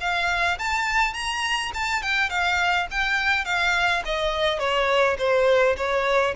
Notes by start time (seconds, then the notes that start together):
0.00 F5
0.58 A5
1.14 A#5
1.74 A5
2.02 G5
2.29 F5
2.91 G5
3.45 F5
4.05 D#5
4.59 C#5
5.18 C5
5.76 C#5